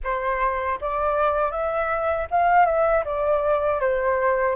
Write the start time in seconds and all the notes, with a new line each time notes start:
0.03 C5
0.80 D5
1.51 E5
2.30 F5
2.65 E5
3.04 D5
3.80 C5